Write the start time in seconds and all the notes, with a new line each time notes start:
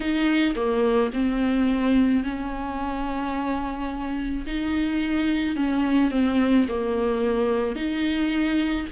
0.00 D#4
0.56 A#3
1.13 C4
2.23 C#4
4.46 D#4
5.56 C#4
6.11 C4
6.68 A#3
7.75 D#4